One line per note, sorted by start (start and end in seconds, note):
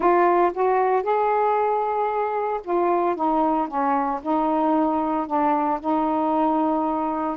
0.00 0.52 F4
0.53 1.03 F#4
1.03 2.61 G#4
2.64 3.15 F4
3.15 3.67 D#4
3.67 4.20 C#4
4.22 5.27 D#4
5.27 5.79 D4
5.80 7.37 D#4